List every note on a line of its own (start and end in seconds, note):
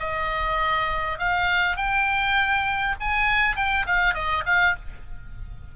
0.00 1.19 D#5
1.19 1.77 F5
1.77 2.95 G5
3.00 3.56 G#5
3.56 3.86 G5
3.86 4.14 F5
4.14 4.44 D#5
4.46 4.76 F5